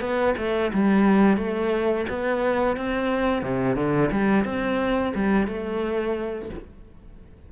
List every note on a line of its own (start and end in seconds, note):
0.00 0.34 B3
0.37 0.71 A3
0.73 1.37 G3
1.37 2.05 A3
2.09 2.76 B3
2.76 3.42 C4
3.42 3.75 C3
3.75 4.09 D3
4.11 4.45 G3
4.45 5.13 C4
5.15 5.47 G3
5.47 6.49 A3